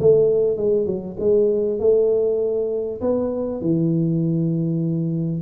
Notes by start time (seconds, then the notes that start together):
0.00 A3
0.58 G#3
0.87 F#3
1.20 G#3
1.80 A3
3.02 B3
3.61 E3